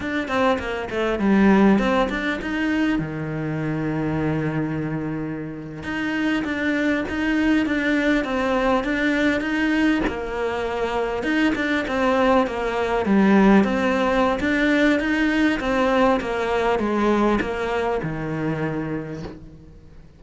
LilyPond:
\new Staff \with { instrumentName = "cello" } { \time 4/4 \tempo 4 = 100 d'8 c'8 ais8 a8 g4 c'8 d'8 | dis'4 dis2.~ | dis4.~ dis16 dis'4 d'4 dis'16~ | dis'8. d'4 c'4 d'4 dis'16~ |
dis'8. ais2 dis'8 d'8 c'16~ | c'8. ais4 g4 c'4~ c'16 | d'4 dis'4 c'4 ais4 | gis4 ais4 dis2 | }